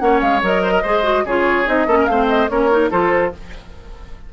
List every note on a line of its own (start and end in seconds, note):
0.00 0.22 A#3
0.00 0.42 C#4
0.00 0.63 C#5
0.00 0.21 F#5
0.21 0.42 G#3
0.21 0.42 F5
0.42 0.84 F#3
0.42 0.85 A#4
0.42 1.27 D#5
0.63 0.72 C5
0.72 0.82 A#4
0.83 1.25 G#3
0.83 1.04 G#4
0.83 1.24 C5
1.04 1.24 F#4
1.25 1.66 C#3
1.25 1.66 F4
1.25 1.88 G#4
1.25 1.69 C#5
1.66 1.87 C4
1.66 1.87 D#4
1.66 2.06 D#5
1.87 2.07 A#3
1.87 2.10 C#4
1.87 1.98 A4
2.00 2.10 A#4
2.06 2.49 A3
2.06 2.49 C4
2.06 2.51 C5
2.06 2.27 F5
2.28 2.49 D#5
2.49 2.91 A#3
2.49 2.70 C#4
2.49 2.91 A#4
2.49 2.91 C#5
2.71 2.91 D#4
2.91 3.33 F3
2.91 3.32 F4
2.91 3.32 A4
2.91 3.33 C5